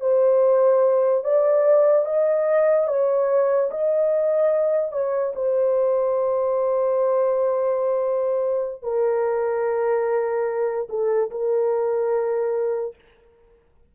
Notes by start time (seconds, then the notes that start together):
0.00 C5
1.24 D5
2.05 D#5
2.87 C#5
3.70 D#5
4.92 C#5
5.35 C5
8.82 A#4
10.89 A4
11.30 A#4